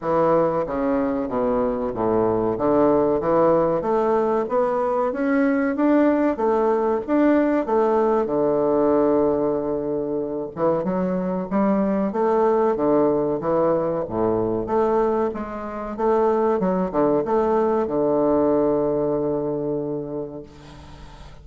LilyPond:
\new Staff \with { instrumentName = "bassoon" } { \time 4/4 \tempo 4 = 94 e4 cis4 b,4 a,4 | d4 e4 a4 b4 | cis'4 d'4 a4 d'4 | a4 d2.~ |
d8 e8 fis4 g4 a4 | d4 e4 a,4 a4 | gis4 a4 fis8 d8 a4 | d1 | }